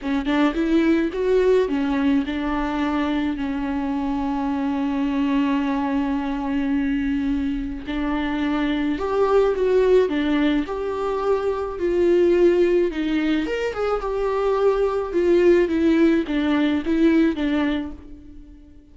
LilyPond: \new Staff \with { instrumentName = "viola" } { \time 4/4 \tempo 4 = 107 cis'8 d'8 e'4 fis'4 cis'4 | d'2 cis'2~ | cis'1~ | cis'2 d'2 |
g'4 fis'4 d'4 g'4~ | g'4 f'2 dis'4 | ais'8 gis'8 g'2 f'4 | e'4 d'4 e'4 d'4 | }